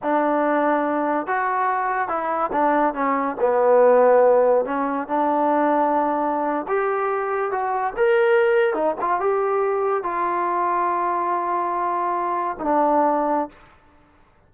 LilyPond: \new Staff \with { instrumentName = "trombone" } { \time 4/4 \tempo 4 = 142 d'2. fis'4~ | fis'4 e'4 d'4 cis'4 | b2. cis'4 | d'2.~ d'8. g'16~ |
g'4.~ g'16 fis'4 ais'4~ ais'16~ | ais'8. dis'8 f'8 g'2 f'16~ | f'1~ | f'4.~ f'16 dis'16 d'2 | }